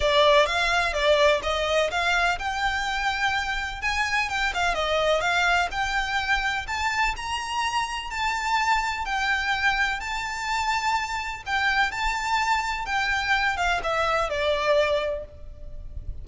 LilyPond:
\new Staff \with { instrumentName = "violin" } { \time 4/4 \tempo 4 = 126 d''4 f''4 d''4 dis''4 | f''4 g''2. | gis''4 g''8 f''8 dis''4 f''4 | g''2 a''4 ais''4~ |
ais''4 a''2 g''4~ | g''4 a''2. | g''4 a''2 g''4~ | g''8 f''8 e''4 d''2 | }